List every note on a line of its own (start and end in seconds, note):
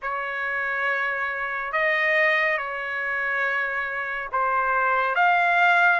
0.02 1.72 C#5
1.72 2.57 D#5
2.57 4.29 C#5
4.32 5.15 C5
5.15 6.00 F5